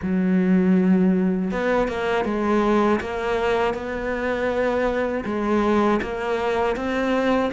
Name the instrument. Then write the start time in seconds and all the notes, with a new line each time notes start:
cello
0.02 F#3
1.51 B3
1.88 A#3
2.25 G#3
3.00 A#3
3.74 B3
5.25 G#3
6.02 A#3
6.75 C4